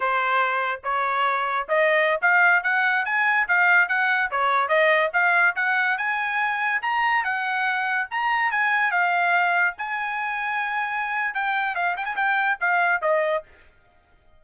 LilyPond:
\new Staff \with { instrumentName = "trumpet" } { \time 4/4 \tempo 4 = 143 c''2 cis''2 | dis''4~ dis''16 f''4 fis''4 gis''8.~ | gis''16 f''4 fis''4 cis''4 dis''8.~ | dis''16 f''4 fis''4 gis''4.~ gis''16~ |
gis''16 ais''4 fis''2 ais''8.~ | ais''16 gis''4 f''2 gis''8.~ | gis''2. g''4 | f''8 g''16 gis''16 g''4 f''4 dis''4 | }